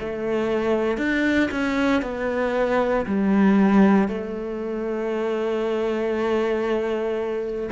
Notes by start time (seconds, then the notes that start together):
0.00 A3
0.97 D4
1.51 C#4
2.02 B3
3.06 G3
4.08 A3